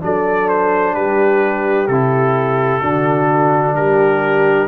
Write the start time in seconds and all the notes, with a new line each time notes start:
0.00 F#3 D4 A4 D5
0.48 C5
0.93 G3 G4 B4
1.87 C3 E4 A4
2.80 D3 D4 F#4
3.74 G3 G4 A#4